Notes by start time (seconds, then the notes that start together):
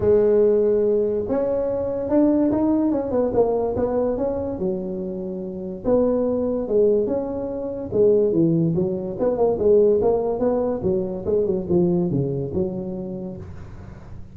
0.00 G#3
1.28 C#4
2.09 D4
2.51 D#4
2.91 C#4
3.11 B3
3.33 A#3
3.76 B3
4.17 C#4
4.59 F#3
5.84 B3
6.68 G#3
7.06 C#4
7.92 G#3
8.32 E3
8.75 F#3
9.19 B3
9.37 A#3
9.58 G#3
10.01 A#3
10.39 B3
10.83 F#3
11.25 G#3
11.46 F#3
11.69 F3
12.10 C#3
12.53 F#3